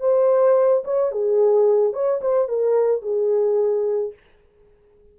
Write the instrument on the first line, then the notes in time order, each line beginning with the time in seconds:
horn
0.00 C5
0.84 C#5
1.12 G#4
1.93 C#5
2.21 C5
2.48 A#4
3.02 G#4